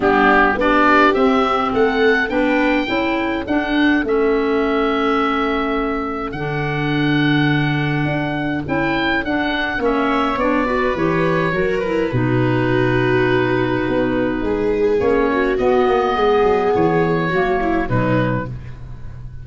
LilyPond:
<<
  \new Staff \with { instrumentName = "oboe" } { \time 4/4 \tempo 4 = 104 g'4 d''4 e''4 fis''4 | g''2 fis''4 e''4~ | e''2. fis''4~ | fis''2. g''4 |
fis''4 e''4 d''4 cis''4~ | cis''8 b'2.~ b'8~ | b'2 cis''4 dis''4~ | dis''4 cis''2 b'4 | }
  \new Staff \with { instrumentName = "viola" } { \time 4/4 d'4 g'2 a'4 | b'4 a'2.~ | a'1~ | a'1~ |
a'4 cis''4. b'4. | ais'4 fis'2.~ | fis'4 gis'4. fis'4. | gis'2 fis'8 e'8 dis'4 | }
  \new Staff \with { instrumentName = "clarinet" } { \time 4/4 b4 d'4 c'2 | d'4 e'4 d'4 cis'4~ | cis'2. d'4~ | d'2. e'4 |
d'4 cis'4 d'8 fis'8 g'4 | fis'8 e'8 dis'2.~ | dis'2 cis'4 b4~ | b2 ais4 fis4 | }
  \new Staff \with { instrumentName = "tuba" } { \time 4/4 g4 b4 c'4 a4 | b4 cis'4 d'4 a4~ | a2. d4~ | d2 d'4 cis'4 |
d'4 ais4 b4 e4 | fis4 b,2. | b4 gis4 ais4 b8 ais8 | gis8 fis8 e4 fis4 b,4 | }
>>